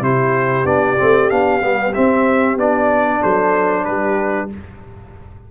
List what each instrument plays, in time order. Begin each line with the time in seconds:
0.00 tuba C3, trombone E4, horn G4, trumpet C5
0.64 tuba B3, trombone D4, trumpet D5
0.98 tuba A3, trombone C4
1.29 tuba B3, trombone D4, trumpet F5
1.61 tuba G3, trombone B3
1.94 trombone C4, tuba C4, trumpet E5
2.56 tuba B3, trombone D4, trumpet D5
3.21 tuba F#3, horn A4, trumpet C5
3.84 tuba G3, horn G4, trumpet B4